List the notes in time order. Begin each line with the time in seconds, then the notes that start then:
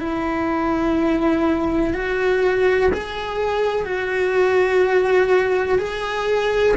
0.00 E4
1.94 F#4
2.93 G#4
3.85 F#4
5.78 G#4